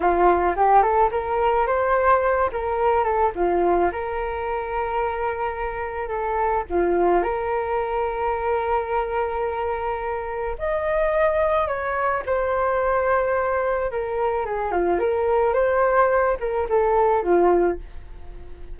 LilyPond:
\new Staff \with { instrumentName = "flute" } { \time 4/4 \tempo 4 = 108 f'4 g'8 a'8 ais'4 c''4~ | c''8 ais'4 a'8 f'4 ais'4~ | ais'2. a'4 | f'4 ais'2.~ |
ais'2. dis''4~ | dis''4 cis''4 c''2~ | c''4 ais'4 gis'8 f'8 ais'4 | c''4. ais'8 a'4 f'4 | }